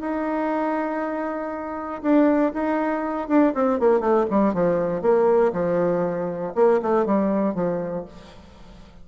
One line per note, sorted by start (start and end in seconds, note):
0.00 2.02 D#4
2.02 2.53 D4
2.53 3.28 D#4
3.28 3.53 D4
3.54 3.79 C4
3.80 4.00 A#3
4.00 4.25 A3
4.30 4.54 G3
4.54 5.02 F3
5.02 5.52 A#3
5.53 6.53 F3
6.55 6.80 A#3
6.82 7.06 A3
7.06 7.55 G3
7.55 8.05 F3